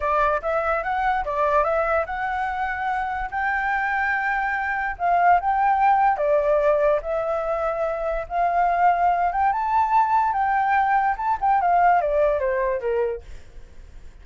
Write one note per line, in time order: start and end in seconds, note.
0.00 0.41 D5
0.42 0.83 E5
0.83 1.24 F#5
1.24 1.63 D5
1.63 2.05 E5
2.05 3.30 F#5
3.30 4.96 G5
4.98 5.40 F5
5.40 6.17 G5
6.17 7.00 D5
7.02 8.26 E5
8.28 9.31 F5
9.32 9.52 G5
9.52 10.32 A5
10.32 11.15 G5
11.17 11.37 A5
11.40 11.61 G5
11.61 12.01 F5
12.01 12.39 D5
12.39 12.80 C5
12.80 13.21 A#4